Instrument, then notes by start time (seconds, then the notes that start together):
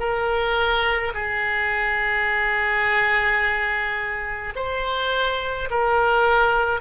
oboe
0.00 A#4
1.14 G#4
4.56 C5
5.71 A#4